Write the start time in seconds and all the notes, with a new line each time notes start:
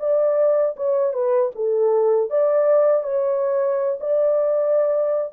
0.00 D5
0.77 C#5
1.14 B4
1.55 A4
2.30 D5
3.04 C#5
4.00 D5